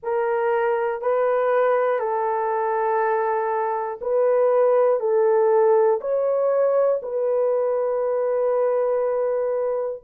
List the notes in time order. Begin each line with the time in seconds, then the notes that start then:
0.02 A#4
1.01 B4
1.99 A4
4.01 B4
5.00 A4
6.00 C#5
7.02 B4